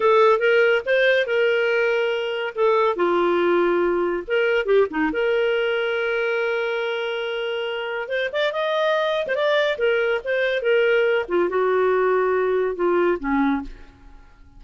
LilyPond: \new Staff \with { instrumentName = "clarinet" } { \time 4/4 \tempo 4 = 141 a'4 ais'4 c''4 ais'4~ | ais'2 a'4 f'4~ | f'2 ais'4 g'8 dis'8 | ais'1~ |
ais'2. c''8 d''8 | dis''4.~ dis''16 c''16 d''4 ais'4 | c''4 ais'4. f'8 fis'4~ | fis'2 f'4 cis'4 | }